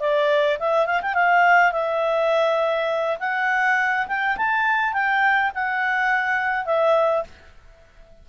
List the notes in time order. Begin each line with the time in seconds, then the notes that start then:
0.00 D5
0.60 E5
0.87 F5
1.02 G5
1.15 F5
1.73 E5
3.20 F#5
4.08 G5
4.37 A5
4.93 G5
5.55 F#5
6.66 E5